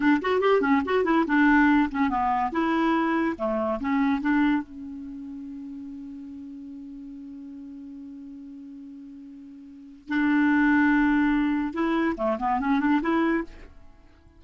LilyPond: \new Staff \with { instrumentName = "clarinet" } { \time 4/4 \tempo 4 = 143 d'8 fis'8 g'8 cis'8 fis'8 e'8 d'4~ | d'8 cis'8 b4 e'2 | a4 cis'4 d'4 cis'4~ | cis'1~ |
cis'1~ | cis'1 | d'1 | e'4 a8 b8 cis'8 d'8 e'4 | }